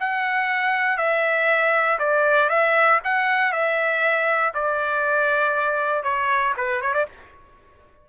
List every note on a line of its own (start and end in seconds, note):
0.00 0.98 F#5
0.98 1.98 E5
1.99 2.50 D5
2.50 3.00 E5
3.04 3.52 F#5
3.52 4.53 E5
4.54 6.04 D5
6.04 6.54 C#5
6.57 6.81 B4
6.81 6.94 C#5
6.94 7.06 D5